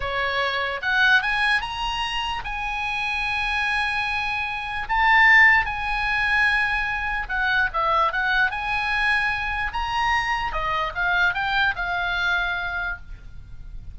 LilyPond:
\new Staff \with { instrumentName = "oboe" } { \time 4/4 \tempo 4 = 148 cis''2 fis''4 gis''4 | ais''2 gis''2~ | gis''1 | a''2 gis''2~ |
gis''2 fis''4 e''4 | fis''4 gis''2. | ais''2 dis''4 f''4 | g''4 f''2. | }